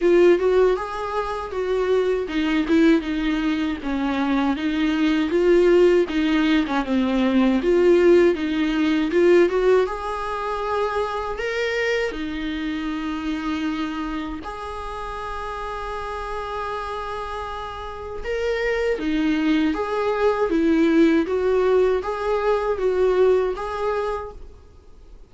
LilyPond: \new Staff \with { instrumentName = "viola" } { \time 4/4 \tempo 4 = 79 f'8 fis'8 gis'4 fis'4 dis'8 e'8 | dis'4 cis'4 dis'4 f'4 | dis'8. cis'16 c'4 f'4 dis'4 | f'8 fis'8 gis'2 ais'4 |
dis'2. gis'4~ | gis'1 | ais'4 dis'4 gis'4 e'4 | fis'4 gis'4 fis'4 gis'4 | }